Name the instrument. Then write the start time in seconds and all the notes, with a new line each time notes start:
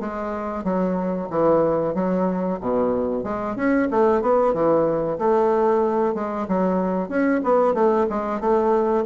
bassoon
0.00 G#3
0.64 F#3
1.30 E3
1.94 F#3
2.60 B2
3.23 G#3
3.56 C#4
3.91 A3
4.21 B3
4.53 E3
5.18 A3
6.14 G#3
6.48 F#3
7.09 C#4
7.43 B3
7.74 A3
8.10 G#3
8.40 A3